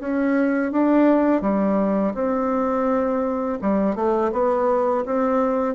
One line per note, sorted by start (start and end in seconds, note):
0.00 0.72 C#4
0.72 1.41 D4
1.41 2.14 G3
2.14 3.59 C4
3.61 3.96 G3
3.96 4.32 A3
4.32 5.05 B3
5.06 5.75 C4